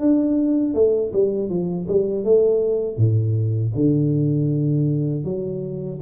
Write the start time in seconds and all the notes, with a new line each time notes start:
0.00 D4
0.75 A3
1.13 G3
1.50 F3
1.88 G3
2.24 A3
2.97 A2
3.75 D3
5.25 F#3